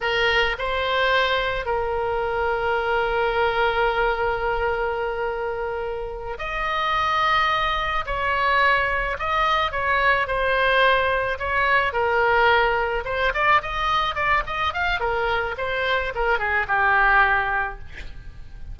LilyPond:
\new Staff \with { instrumentName = "oboe" } { \time 4/4 \tempo 4 = 108 ais'4 c''2 ais'4~ | ais'1~ | ais'2.~ ais'8 dis''8~ | dis''2~ dis''8 cis''4.~ |
cis''8 dis''4 cis''4 c''4.~ | c''8 cis''4 ais'2 c''8 | d''8 dis''4 d''8 dis''8 f''8 ais'4 | c''4 ais'8 gis'8 g'2 | }